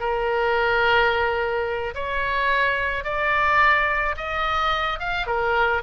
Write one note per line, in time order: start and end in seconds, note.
0.00 1.94 A#4
1.95 3.05 C#5
3.05 4.16 D5
4.17 5.00 D#5
5.00 5.27 F5
5.27 5.83 A#4